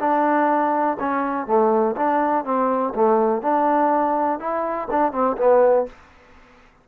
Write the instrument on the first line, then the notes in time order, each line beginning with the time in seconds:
trombone
0.00 D4
1.00 C#4
1.47 A3
1.96 D4
2.45 C4
2.95 A3
3.42 D4
4.39 E4
4.90 D4
5.12 C4
5.37 B3